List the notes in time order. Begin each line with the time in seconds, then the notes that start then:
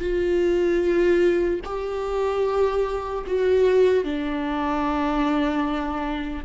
0.00 F4
1.64 G4
3.26 F#4
4.04 D4